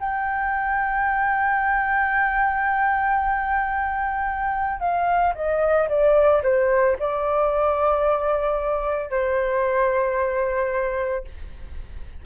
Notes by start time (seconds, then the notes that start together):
0.00 G5
4.81 F5
5.35 D#5
5.89 D5
6.43 C5
7.00 D5
9.11 C5